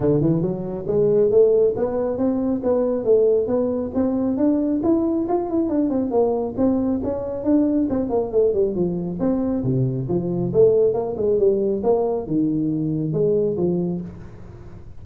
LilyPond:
\new Staff \with { instrumentName = "tuba" } { \time 4/4 \tempo 4 = 137 d8 e8 fis4 gis4 a4 | b4 c'4 b4 a4 | b4 c'4 d'4 e'4 | f'8 e'8 d'8 c'8 ais4 c'4 |
cis'4 d'4 c'8 ais8 a8 g8 | f4 c'4 c4 f4 | a4 ais8 gis8 g4 ais4 | dis2 gis4 f4 | }